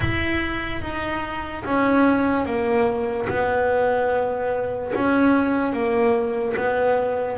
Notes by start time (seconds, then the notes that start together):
0.00 E4
0.81 D#4
1.64 C#4
2.45 A#3
3.28 B3
4.94 C#4
5.72 A#3
6.56 B3